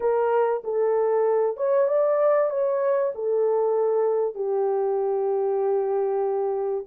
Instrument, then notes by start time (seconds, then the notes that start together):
horn
0.00 A#4
0.63 A4
1.56 C#5
1.88 D5
2.49 C#5
3.14 A4
4.34 G4